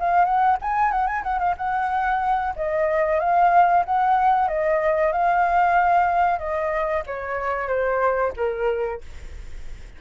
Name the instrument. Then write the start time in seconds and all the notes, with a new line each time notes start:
flute
0.00 F5
0.25 F#5
0.62 G#5
0.92 F#5
1.07 G#5
1.23 F#5
1.39 F5
1.57 F#5
2.56 D#5
3.20 F5
3.86 F#5
4.48 D#5
5.13 F5
6.39 D#5
7.06 C#5
7.68 C5
8.37 A#4